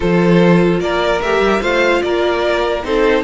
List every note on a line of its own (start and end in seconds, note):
0.00 0.79 F3
0.00 1.19 F4
0.00 0.80 A4
0.00 0.80 C5
0.79 1.20 A#3
0.79 1.61 A#4
0.79 1.21 D5
1.21 1.40 A3
1.21 1.60 G4
1.21 1.61 E5
1.40 1.60 G3
1.60 2.02 A3
1.60 2.82 F4
1.60 2.01 C5
1.60 2.02 F5
2.02 2.84 A#3
2.02 2.85 A#4
2.02 2.83 D5
2.83 3.23 C4
2.83 3.23 D#4
2.83 3.23 A4
2.83 3.23 C5